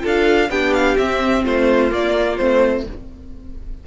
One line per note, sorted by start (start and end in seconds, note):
0.00 0.49 D4
0.00 0.47 F4
0.00 0.49 A4
0.07 0.51 F5
0.49 0.96 B3
0.49 0.98 D4
0.49 1.43 G4
0.49 0.73 G5
0.73 0.97 F5
0.98 1.44 C4
0.98 1.90 C4
0.98 1.45 E5
1.43 1.91 A3
1.43 2.84 F4
1.43 1.92 C5
1.90 2.37 A#3
1.90 2.38 A#3
1.90 2.37 D5
2.37 2.86 A3
2.37 2.86 C4
2.37 2.84 C5